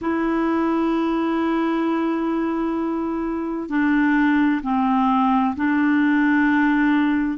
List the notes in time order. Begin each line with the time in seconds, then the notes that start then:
0.01 E4
3.69 D4
4.62 C4
5.56 D4